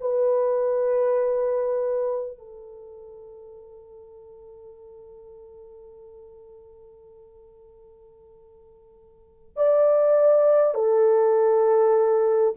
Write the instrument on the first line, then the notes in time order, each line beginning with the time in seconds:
horn
0.00 B4
2.38 A4
9.56 D5
10.74 A4